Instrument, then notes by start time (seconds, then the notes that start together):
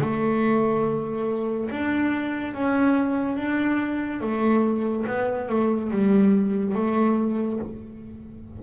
double bass
0.00 A3
1.70 D4
2.54 C#4
3.36 D4
4.20 A3
5.06 B3
5.48 A3
5.90 G3
6.74 A3